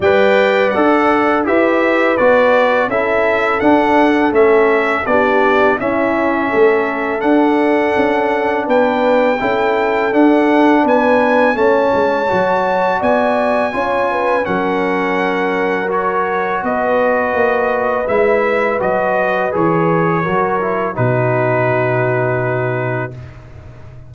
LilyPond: <<
  \new Staff \with { instrumentName = "trumpet" } { \time 4/4 \tempo 4 = 83 g''4 fis''4 e''4 d''4 | e''4 fis''4 e''4 d''4 | e''2 fis''2 | g''2 fis''4 gis''4 |
a''2 gis''2 | fis''2 cis''4 dis''4~ | dis''4 e''4 dis''4 cis''4~ | cis''4 b'2. | }
  \new Staff \with { instrumentName = "horn" } { \time 4/4 d''2 b'2 | a'2. g'4 | e'4 a'2. | b'4 a'2 b'4 |
cis''2 d''4 cis''8 b'8 | ais'2. b'4~ | b'1 | ais'4 fis'2. | }
  \new Staff \with { instrumentName = "trombone" } { \time 4/4 b'4 a'4 g'4 fis'4 | e'4 d'4 cis'4 d'4 | cis'2 d'2~ | d'4 e'4 d'2 |
cis'4 fis'2 f'4 | cis'2 fis'2~ | fis'4 e'4 fis'4 gis'4 | fis'8 e'8 dis'2. | }
  \new Staff \with { instrumentName = "tuba" } { \time 4/4 g4 d'4 e'4 b4 | cis'4 d'4 a4 b4 | cis'4 a4 d'4 cis'4 | b4 cis'4 d'4 b4 |
a8 gis8 fis4 b4 cis'4 | fis2. b4 | ais4 gis4 fis4 e4 | fis4 b,2. | }
>>